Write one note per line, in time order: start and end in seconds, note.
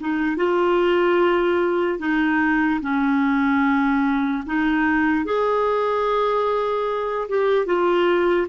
0.00 0.36 D#4
0.36 1.99 F4
1.99 2.80 D#4
2.82 4.44 C#4
4.46 5.25 D#4
5.25 7.28 G#4
7.29 7.66 G4
7.66 8.47 F4